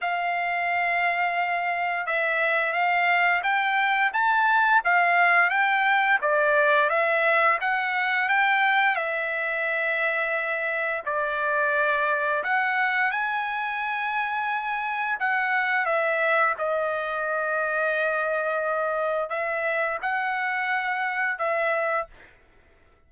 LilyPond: \new Staff \with { instrumentName = "trumpet" } { \time 4/4 \tempo 4 = 87 f''2. e''4 | f''4 g''4 a''4 f''4 | g''4 d''4 e''4 fis''4 | g''4 e''2. |
d''2 fis''4 gis''4~ | gis''2 fis''4 e''4 | dis''1 | e''4 fis''2 e''4 | }